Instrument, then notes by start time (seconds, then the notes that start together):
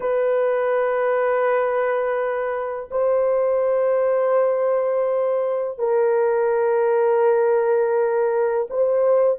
horn
0.00 B4
2.90 C5
5.78 A#4
8.69 C5